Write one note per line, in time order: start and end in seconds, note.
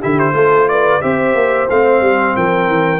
0.00 0.33 D3
0.00 0.34 E4
0.00 0.33 G4
0.00 0.19 E5
0.19 0.69 C5
0.33 1.00 A3
0.33 1.01 F4
0.33 0.68 A4
0.69 1.03 B4
0.69 1.02 D5
1.02 1.35 C4
1.02 1.69 G4
1.02 2.37 C5
1.02 1.68 E5
1.35 1.68 A#3
1.70 2.01 A3
1.70 3.00 C4
1.70 2.36 F5
2.01 2.34 G3
2.36 2.68 F3
2.36 3.00 A#4
2.36 3.00 G5
2.68 3.00 E3